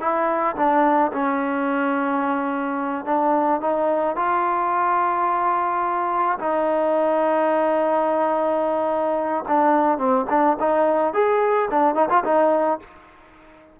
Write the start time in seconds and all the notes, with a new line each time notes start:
0.00 E4
0.56 D4
1.12 C#4
3.06 D4
3.61 D#4
4.16 F4
6.39 D#4
9.48 D4
9.98 C4
10.30 D4
10.60 D#4
11.14 G#4
11.70 D4
11.95 D#4
12.10 F4
12.24 D#4